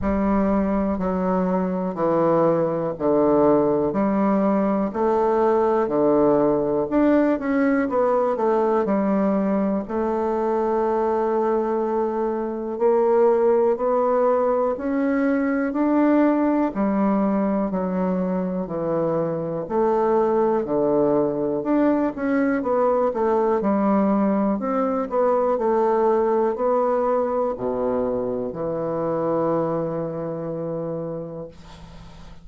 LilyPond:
\new Staff \with { instrumentName = "bassoon" } { \time 4/4 \tempo 4 = 61 g4 fis4 e4 d4 | g4 a4 d4 d'8 cis'8 | b8 a8 g4 a2~ | a4 ais4 b4 cis'4 |
d'4 g4 fis4 e4 | a4 d4 d'8 cis'8 b8 a8 | g4 c'8 b8 a4 b4 | b,4 e2. | }